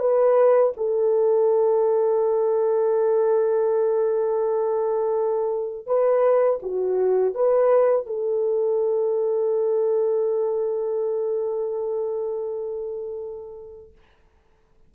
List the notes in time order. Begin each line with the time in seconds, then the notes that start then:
0.00 B4
0.77 A4
5.87 B4
6.62 F#4
7.34 B4
8.07 A4